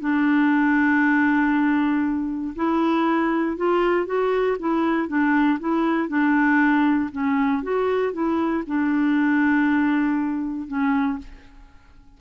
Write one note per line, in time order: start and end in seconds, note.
0.00 2.54 D4
2.55 3.57 E4
3.57 4.06 F4
4.06 4.57 F#4
4.59 5.08 E4
5.08 5.59 D4
5.60 6.08 E4
6.08 7.10 D4
7.12 7.63 C#4
7.63 8.13 F#4
8.13 8.64 E4
8.67 10.68 D4
10.68 11.18 C#4